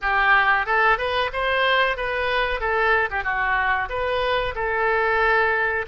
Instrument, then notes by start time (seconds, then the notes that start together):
oboe
0.01 G4
0.66 A4
0.98 B4
1.32 C5
1.97 B4
2.60 A4
3.10 G4
3.23 F#4
3.89 B4
4.55 A4